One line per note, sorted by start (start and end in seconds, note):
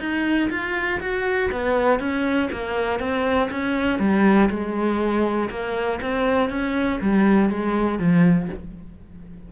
0.00 0.50 D#4
0.50 1.00 F4
1.01 1.51 F#4
1.52 2.00 B3
2.00 2.50 C#4
2.52 3.00 A#3
3.00 3.50 C4
3.51 3.99 C#4
3.99 4.49 G3
4.50 5.50 G#3
5.50 6.00 A#3
6.02 6.50 C4
6.50 7.00 C#4
7.01 7.50 G3
7.50 7.99 G#3
7.99 8.49 F3